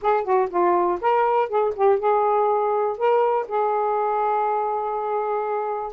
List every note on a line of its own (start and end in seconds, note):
0.01 0.23 G#4
0.23 0.48 F#4
0.50 0.99 F4
1.01 1.49 A#4
1.49 1.73 G#4
1.75 1.99 G4
1.99 2.97 G#4
2.97 3.47 A#4
3.48 5.93 G#4